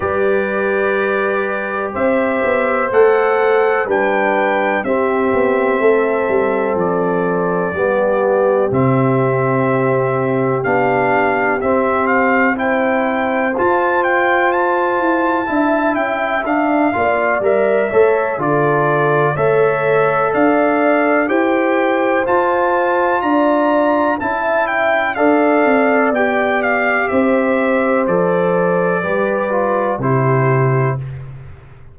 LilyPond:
<<
  \new Staff \with { instrumentName = "trumpet" } { \time 4/4 \tempo 4 = 62 d''2 e''4 fis''4 | g''4 e''2 d''4~ | d''4 e''2 f''4 | e''8 f''8 g''4 a''8 g''8 a''4~ |
a''8 g''8 f''4 e''4 d''4 | e''4 f''4 g''4 a''4 | ais''4 a''8 g''8 f''4 g''8 f''8 | e''4 d''2 c''4 | }
  \new Staff \with { instrumentName = "horn" } { \time 4/4 b'2 c''2 | b'4 g'4 a'2 | g'1~ | g'4 c''2. |
e''4. d''4 cis''8 a'4 | cis''4 d''4 c''2 | d''4 e''4 d''2 | c''2 b'4 g'4 | }
  \new Staff \with { instrumentName = "trombone" } { \time 4/4 g'2. a'4 | d'4 c'2. | b4 c'2 d'4 | c'4 e'4 f'2 |
e'4 d'8 f'8 ais'8 a'8 f'4 | a'2 g'4 f'4~ | f'4 e'4 a'4 g'4~ | g'4 a'4 g'8 f'8 e'4 | }
  \new Staff \with { instrumentName = "tuba" } { \time 4/4 g2 c'8 b8 a4 | g4 c'8 b8 a8 g8 f4 | g4 c2 b4 | c'2 f'4. e'8 |
d'8 cis'8 d'8 ais8 g8 a8 d4 | a4 d'4 e'4 f'4 | d'4 cis'4 d'8 c'8 b4 | c'4 f4 g4 c4 | }
>>